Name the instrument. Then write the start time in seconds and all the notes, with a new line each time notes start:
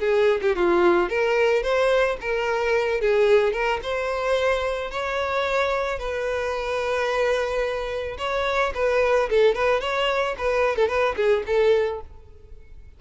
violin
0.00 G#4
0.42 G4
0.56 F4
1.09 A#4
1.63 C5
2.21 A#4
3.01 G#4
3.53 A#4
3.83 C5
4.91 C#5
5.99 B4
8.18 C#5
8.75 B4
9.30 A4
9.55 B4
9.81 C#5
10.38 B4
10.76 A4
10.88 B4
11.16 G#4
11.46 A4